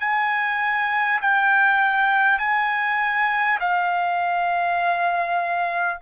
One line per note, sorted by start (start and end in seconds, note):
0.00 1.20 G#5
1.21 2.39 G5
2.39 3.59 G#5
3.60 6.00 F5